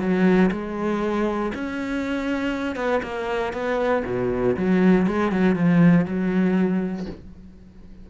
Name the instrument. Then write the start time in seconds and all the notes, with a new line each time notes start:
cello
0.00 F#3
0.52 G#3
1.55 C#4
2.76 B3
3.03 A#3
3.53 B3
4.06 B2
4.57 F#3
5.07 G#3
5.32 F#3
5.56 F3
6.06 F#3